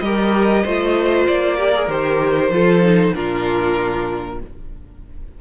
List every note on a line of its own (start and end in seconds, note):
0.00 0.64 G3
0.00 0.67 G4
0.00 0.63 A#4
0.00 1.25 D#5
0.63 1.28 A3
0.63 1.58 F4
0.63 1.57 C5
1.28 1.88 A#3
1.28 1.89 D5
1.58 1.73 G4
1.58 2.52 A#4
1.75 1.89 G#4
1.88 2.50 D#3
1.88 2.51 G4
1.88 3.14 C5
2.50 3.12 F3
2.50 2.83 F4
2.50 3.15 A4
2.83 3.14 D#4
3.14 4.41 A#2
3.14 4.39 D4
3.14 4.40 F4
3.14 4.40 A#4